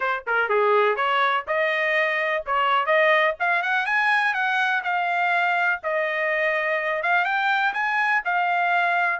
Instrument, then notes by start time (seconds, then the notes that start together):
trumpet
0.00 C5
0.27 A#4
0.49 G#4
0.96 C#5
1.47 D#5
2.46 C#5
2.86 D#5
3.39 F5
3.62 F#5
3.86 G#5
4.34 F#5
4.83 F5
5.83 D#5
7.02 F5
7.25 G5
7.73 G#5
8.24 F5